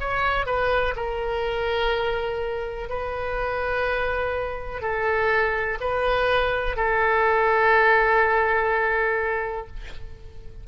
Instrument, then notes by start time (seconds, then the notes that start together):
oboe
0.00 C#5
0.46 B4
0.96 A#4
2.89 B4
4.82 A4
5.80 B4
6.77 A4